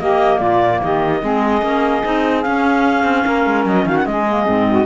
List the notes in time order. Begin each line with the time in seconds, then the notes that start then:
0.00 A#3 G4 D#5
0.39 A#2 F4 D5
0.83 D#3 G4 D#5
1.22 G#3 C4 G#4
1.62 A#3 C#4
2.04 C4 D#4
2.42 C#4 F5
3.04 C4
3.26 A#3 A#4
3.46 G#3
3.66 F#3 D#5
3.86 D#3 F#4 F5
3.97 F#5
4.06 G#3 G#4 D#5
4.29 A#3
4.45 G#2 C4
4.69 F#4